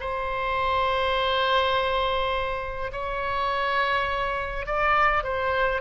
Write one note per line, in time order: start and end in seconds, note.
0.00 2.91 C5
2.92 4.66 C#5
4.66 5.23 D5
5.23 5.81 C5